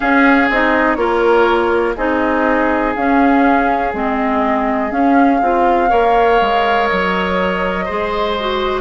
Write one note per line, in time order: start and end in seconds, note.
0.00 0.45 C#4
0.00 0.50 C#4
0.00 0.97 G#4
0.00 0.49 F5
0.50 0.96 C4
0.50 0.97 D#4
0.50 0.95 D#5
0.95 1.94 A#3
0.95 1.95 F4
0.95 1.96 A#4
0.95 1.93 C#5
1.96 2.95 C4
1.96 2.95 D#4
1.96 5.89 G#4
1.96 2.94 D#5
2.95 3.93 C#4
2.95 3.94 C#4
2.95 3.93 F5
3.93 4.91 G#3
3.93 4.90 C4
3.93 4.91 D#5
4.90 5.39 C#4
4.90 5.41 C#4
4.90 6.87 F5
5.42 5.91 C4
5.42 5.89 F4
5.89 6.40 A#3
5.89 7.85 A#4
5.89 7.85 C#5
6.41 6.90 G#3
6.87 7.89 F#3
6.87 8.81 D#5
7.85 8.81 G#3
7.85 8.37 G#4
7.85 8.81 C5
8.39 8.81 F#4